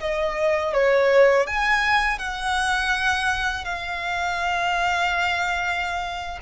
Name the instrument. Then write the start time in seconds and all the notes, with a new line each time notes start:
violin
0.00 D#5
0.74 C#5
1.46 G#5
2.19 F#5
3.65 F5